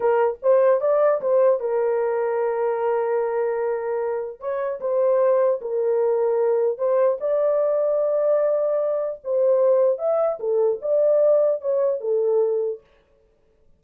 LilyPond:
\new Staff \with { instrumentName = "horn" } { \time 4/4 \tempo 4 = 150 ais'4 c''4 d''4 c''4 | ais'1~ | ais'2. cis''4 | c''2 ais'2~ |
ais'4 c''4 d''2~ | d''2. c''4~ | c''4 e''4 a'4 d''4~ | d''4 cis''4 a'2 | }